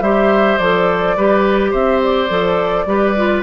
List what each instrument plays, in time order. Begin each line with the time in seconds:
0.00 bassoon G3, clarinet G4, oboe C5, flute E5
0.57 bassoon F3, clarinet A4, flute D5
1.16 bassoon G3, clarinet G4, oboe B4
1.70 bassoon C4, oboe C5, flute E5
2.02 flute D5
2.29 bassoon F3, clarinet A4
2.86 bassoon G3, clarinet G4, oboe B4
3.16 clarinet F4